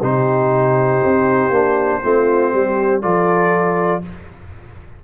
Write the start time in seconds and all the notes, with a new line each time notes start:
0.00 C3 D#4 G4 C5
1.04 C4
1.50 A#3 D4
2.02 A3 C4 F4
2.53 G3 G4
3.02 F3 F4 A4 D5